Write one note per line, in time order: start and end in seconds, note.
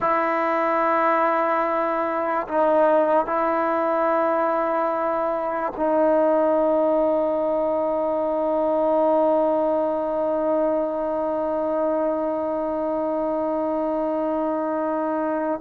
0.00 2.47 E4
2.48 3.26 D#4
3.26 5.72 E4
5.76 15.60 D#4